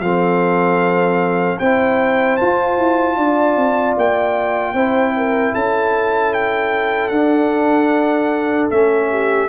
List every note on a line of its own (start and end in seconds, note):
0.00 1.58 F3
0.00 1.62 C4
0.00 1.59 A4
0.00 1.59 F5
1.59 2.39 C4
1.59 2.40 E4
1.59 3.17 C5
1.59 2.37 G5
2.37 4.76 F4
2.37 2.78 F4
2.37 3.95 A5
2.78 3.17 E4
3.17 3.57 D4
3.17 4.74 D5
3.57 3.96 C4
3.97 4.74 A#3
3.97 5.55 G5
4.74 5.53 C4
4.74 7.13 E4
4.74 5.13 C5
5.17 5.53 A#4
5.53 7.11 C#4
5.53 9.09 A4
5.53 6.34 A5
6.34 7.09 G5
7.09 8.69 D4
7.09 8.71 D4
7.09 8.66 F#5
8.71 9.49 A3
8.71 9.49 C#4
8.71 9.49 E5
9.10 9.49 G4